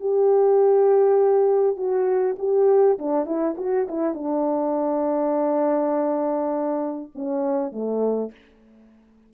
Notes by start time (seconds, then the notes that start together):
0.00 G4
1.76 F#4
2.38 G4
2.98 D4
3.25 E4
3.57 F#4
3.88 E4
4.14 D4
7.15 C#4
7.71 A3